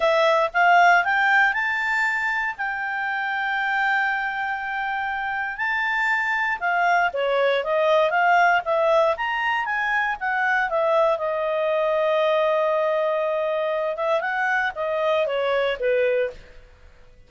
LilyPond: \new Staff \with { instrumentName = "clarinet" } { \time 4/4 \tempo 4 = 118 e''4 f''4 g''4 a''4~ | a''4 g''2.~ | g''2. a''4~ | a''4 f''4 cis''4 dis''4 |
f''4 e''4 ais''4 gis''4 | fis''4 e''4 dis''2~ | dis''2.~ dis''8 e''8 | fis''4 dis''4 cis''4 b'4 | }